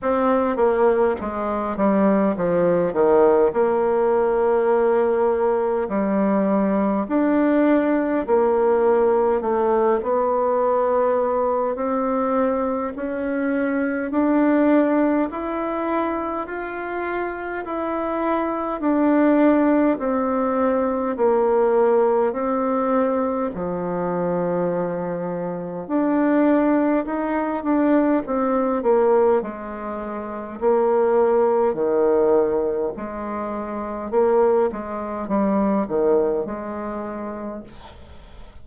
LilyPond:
\new Staff \with { instrumentName = "bassoon" } { \time 4/4 \tempo 4 = 51 c'8 ais8 gis8 g8 f8 dis8 ais4~ | ais4 g4 d'4 ais4 | a8 b4. c'4 cis'4 | d'4 e'4 f'4 e'4 |
d'4 c'4 ais4 c'4 | f2 d'4 dis'8 d'8 | c'8 ais8 gis4 ais4 dis4 | gis4 ais8 gis8 g8 dis8 gis4 | }